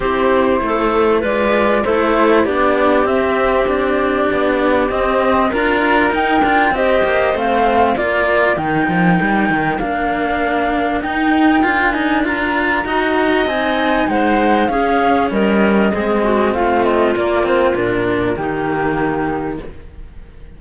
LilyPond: <<
  \new Staff \with { instrumentName = "flute" } { \time 4/4 \tempo 4 = 98 c''2 d''4 c''4 | d''4 e''4 d''2 | dis''4 ais''4 g''4 dis''4 | f''4 d''4 g''2 |
f''2 g''4. gis''8 | ais''2 gis''4 fis''4 | f''4 dis''2 f''8 dis''8 | d''8 c''8 ais'4 g'2 | }
  \new Staff \with { instrumentName = "clarinet" } { \time 4/4 g'4 a'4 b'4 a'4 | g'1~ | g'4 ais'2 c''4~ | c''4 ais'2.~ |
ais'1~ | ais'4 dis''2 c''4 | gis'4 ais'4 gis'8 fis'8 f'4~ | f'2 dis'2 | }
  \new Staff \with { instrumentName = "cello" } { \time 4/4 e'2 f'4 e'4 | d'4 c'4 d'2 | c'4 f'4 dis'8 f'8 g'4 | c'4 f'4 dis'2 |
d'2 dis'4 f'8 dis'8 | f'4 fis'4 dis'2 | cis'2 c'2 | ais8 c'8 d'4 ais2 | }
  \new Staff \with { instrumentName = "cello" } { \time 4/4 c'4 a4 gis4 a4 | b4 c'2 b4 | c'4 d'4 dis'8 d'8 c'8 ais8 | a4 ais4 dis8 f8 g8 dis8 |
ais2 dis'4 d'4~ | d'4 dis'4 c'4 gis4 | cis'4 g4 gis4 a4 | ais4 ais,4 dis2 | }
>>